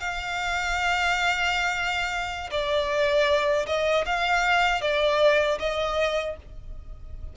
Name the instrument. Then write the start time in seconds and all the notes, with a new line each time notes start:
violin
0.00 F5
2.51 D5
3.66 D#5
4.06 F5
4.81 D5
5.59 D#5